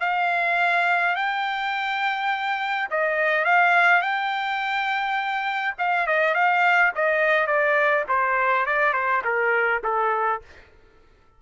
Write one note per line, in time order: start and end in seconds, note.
0.00 1.15 F5
1.15 2.88 G5
2.90 3.45 D#5
3.45 4.01 F5
4.01 5.74 G5
5.78 6.07 F5
6.07 6.34 D#5
6.34 6.92 F5
6.95 7.47 D#5
7.47 8.04 D5
8.08 8.66 C5
8.66 8.93 D5
8.93 9.22 C5
9.24 9.82 A#4
9.84 10.41 A4